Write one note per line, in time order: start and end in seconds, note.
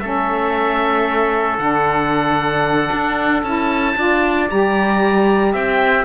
0.00 1.58 A3
0.00 1.60 C#4
0.00 3.97 A4
0.00 1.58 E5
1.58 2.90 D3
1.58 3.44 D4
1.58 3.43 F#5
2.92 3.43 D4
3.43 3.96 C#4
3.43 3.96 E4
3.43 4.49 A5
3.96 4.49 D4
3.96 4.49 F4
3.96 5.53 D5
4.49 5.54 G3
4.49 6.05 G4
4.49 5.55 A#5
5.53 6.05 C4
5.53 6.05 E5
5.53 6.05 G5